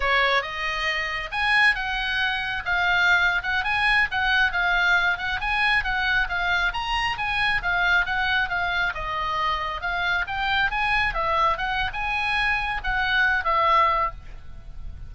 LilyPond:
\new Staff \with { instrumentName = "oboe" } { \time 4/4 \tempo 4 = 136 cis''4 dis''2 gis''4 | fis''2 f''4.~ f''16 fis''16~ | fis''16 gis''4 fis''4 f''4. fis''16~ | fis''16 gis''4 fis''4 f''4 ais''8.~ |
ais''16 gis''4 f''4 fis''4 f''8.~ | f''16 dis''2 f''4 g''8.~ | g''16 gis''4 e''4 fis''8. gis''4~ | gis''4 fis''4. e''4. | }